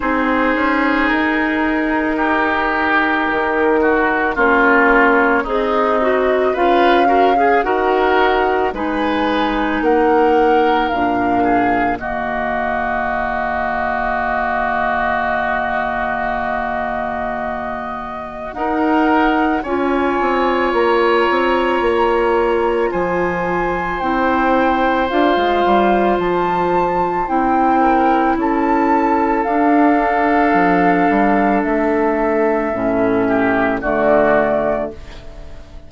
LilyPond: <<
  \new Staff \with { instrumentName = "flute" } { \time 4/4 \tempo 4 = 55 c''4 ais'2. | cis''4 dis''4 f''4 fis''4 | gis''4 fis''4 f''4 dis''4~ | dis''1~ |
dis''4 fis''4 gis''4 ais''4~ | ais''4 gis''4 g''4 f''4 | a''4 g''4 a''4 f''4~ | f''4 e''2 d''4 | }
  \new Staff \with { instrumentName = "oboe" } { \time 4/4 gis'2 g'4. fis'8 | f'4 dis'4 b'8 ais'16 gis'16 ais'4 | b'4 ais'4. gis'8 fis'4~ | fis'1~ |
fis'4 ais'4 cis''2~ | cis''4 c''2.~ | c''4. ais'8 a'2~ | a'2~ a'8 g'8 fis'4 | }
  \new Staff \with { instrumentName = "clarinet" } { \time 4/4 dis'1 | cis'4 gis'8 fis'8 f'8 fis'16 gis'16 fis'4 | dis'2 d'4 ais4~ | ais1~ |
ais4 dis'4 f'2~ | f'2 e'4 f'4~ | f'4 e'2 d'4~ | d'2 cis'4 a4 | }
  \new Staff \with { instrumentName = "bassoon" } { \time 4/4 c'8 cis'8 dis'2 dis4 | ais4 c'4 cis'4 dis'4 | gis4 ais4 ais,4 dis4~ | dis1~ |
dis4 dis'4 cis'8 c'8 ais8 c'8 | ais4 f4 c'4 d'16 gis16 g8 | f4 c'4 cis'4 d'4 | f8 g8 a4 a,4 d4 | }
>>